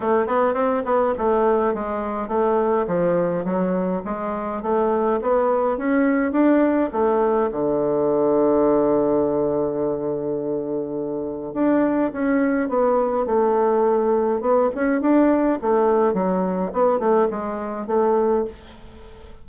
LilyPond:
\new Staff \with { instrumentName = "bassoon" } { \time 4/4 \tempo 4 = 104 a8 b8 c'8 b8 a4 gis4 | a4 f4 fis4 gis4 | a4 b4 cis'4 d'4 | a4 d2.~ |
d1 | d'4 cis'4 b4 a4~ | a4 b8 cis'8 d'4 a4 | fis4 b8 a8 gis4 a4 | }